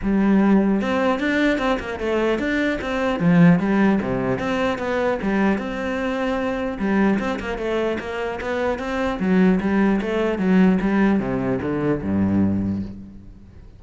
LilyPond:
\new Staff \with { instrumentName = "cello" } { \time 4/4 \tempo 4 = 150 g2 c'4 d'4 | c'8 ais8 a4 d'4 c'4 | f4 g4 c4 c'4 | b4 g4 c'2~ |
c'4 g4 c'8 ais8 a4 | ais4 b4 c'4 fis4 | g4 a4 fis4 g4 | c4 d4 g,2 | }